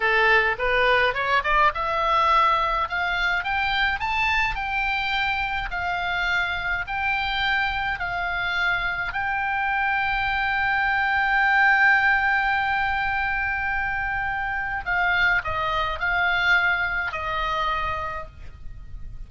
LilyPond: \new Staff \with { instrumentName = "oboe" } { \time 4/4 \tempo 4 = 105 a'4 b'4 cis''8 d''8 e''4~ | e''4 f''4 g''4 a''4 | g''2 f''2 | g''2 f''2 |
g''1~ | g''1~ | g''2 f''4 dis''4 | f''2 dis''2 | }